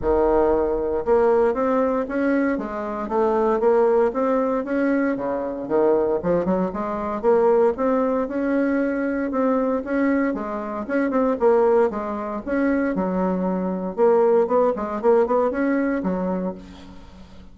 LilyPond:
\new Staff \with { instrumentName = "bassoon" } { \time 4/4 \tempo 4 = 116 dis2 ais4 c'4 | cis'4 gis4 a4 ais4 | c'4 cis'4 cis4 dis4 | f8 fis8 gis4 ais4 c'4 |
cis'2 c'4 cis'4 | gis4 cis'8 c'8 ais4 gis4 | cis'4 fis2 ais4 | b8 gis8 ais8 b8 cis'4 fis4 | }